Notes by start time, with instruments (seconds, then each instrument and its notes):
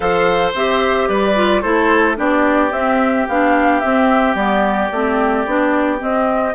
0.00 bassoon F3, clarinet A4, oboe C5, flute F5
0.53 bassoon C4, clarinet G4, flute E5
1.07 bassoon G3, oboe B4, flute D5
1.35 clarinet F4
1.61 bassoon A3, clarinet E4, oboe A4, flute C5
2.16 bassoon B3, clarinet D4, oboe G4, flute D5
2.71 bassoon C4, clarinet C4, flute E5
3.28 bassoon B3, clarinet D4, flute F5
3.80 clarinet C4, bassoon C4, flute E5
4.34 bassoon G3, clarinet B3, flute D5
4.91 bassoon A3, clarinet C4
5.46 bassoon B3, clarinet D4
5.98 clarinet C4, bassoon C4, flute D#5